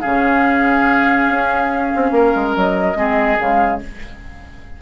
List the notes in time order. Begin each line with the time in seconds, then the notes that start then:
0.00 C#3 C#4 G#4 F5
1.29 C#4
1.95 C4
2.11 A#3 A#4
2.35 G#3
2.56 F#3 D#5
2.95 G#3 C4 G#4
3.39 C#3 G#3 F5